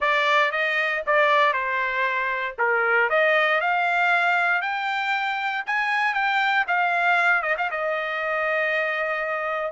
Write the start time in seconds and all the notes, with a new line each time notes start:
0.00 D5
0.51 D#5
1.06 D5
1.53 C5
2.58 A#4
3.09 D#5
3.60 F5
4.61 G5
5.66 G#5
6.14 G5
6.67 F5
7.42 D#5
7.57 F5
7.70 D#5